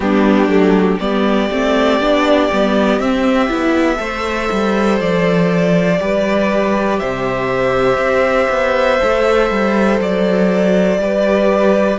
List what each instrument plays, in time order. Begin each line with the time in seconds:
0.00 cello G3, viola B3, violin D4 G4
0.47 cello F#3, viola A3
0.99 cello G3, viola B3, violin G4 D5
1.51 cello A3, viola C4
2.00 cello B3, viola D4
2.51 cello G3, viola B3
2.99 cello C4, viola C4, violin E5
3.48 cello B3, viola E4
3.96 cello A3, viola A4, violin C5
4.51 cello G3
5.00 cello F3, violin D5
5.99 cello G3, viola G4, violin B4
6.99 cello C3, violin C5 E5
7.97 cello C4
8.49 cello B3
9.00 cello A3, viola A4
9.50 cello G3
9.99 cello F#3, violin D5
10.97 cello G3, viola G4, violin B4